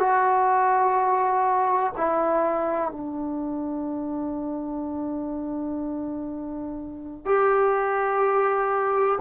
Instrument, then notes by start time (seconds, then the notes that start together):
trombone
0.00 F#4
1.98 E4
2.92 D4
7.26 G4